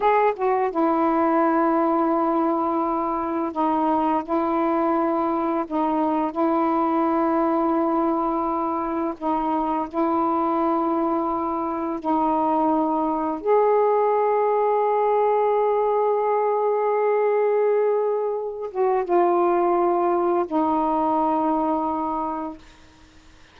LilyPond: \new Staff \with { instrumentName = "saxophone" } { \time 4/4 \tempo 4 = 85 gis'8 fis'8 e'2.~ | e'4 dis'4 e'2 | dis'4 e'2.~ | e'4 dis'4 e'2~ |
e'4 dis'2 gis'4~ | gis'1~ | gis'2~ gis'8 fis'8 f'4~ | f'4 dis'2. | }